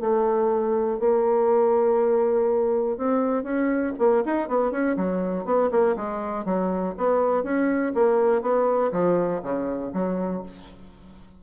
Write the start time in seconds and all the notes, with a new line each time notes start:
0.00 A3
0.99 A#3
2.97 C4
3.43 C#4
3.98 A#3
4.25 D#4
4.48 B3
4.71 C#4
4.97 F#3
5.45 B3
5.71 A#3
5.96 G#3
6.45 F#3
6.97 B3
7.43 C#4
7.95 A#3
8.42 B3
8.91 F3
9.42 C#3
9.93 F#3